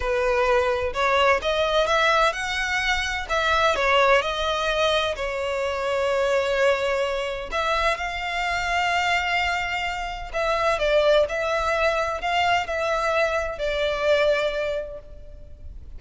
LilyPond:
\new Staff \with { instrumentName = "violin" } { \time 4/4 \tempo 4 = 128 b'2 cis''4 dis''4 | e''4 fis''2 e''4 | cis''4 dis''2 cis''4~ | cis''1 |
e''4 f''2.~ | f''2 e''4 d''4 | e''2 f''4 e''4~ | e''4 d''2. | }